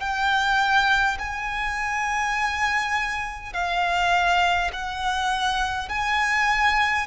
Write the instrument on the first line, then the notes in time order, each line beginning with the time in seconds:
violin
0.00 G5
1.19 G#5
3.53 F5
4.73 F#5
5.89 G#5